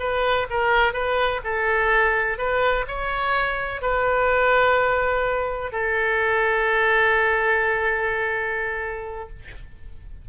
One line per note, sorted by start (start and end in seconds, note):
0.00 0.48 B4
0.50 0.94 A#4
0.94 1.41 B4
1.44 2.39 A4
2.39 2.86 B4
2.88 3.82 C#5
3.82 5.72 B4
5.72 9.29 A4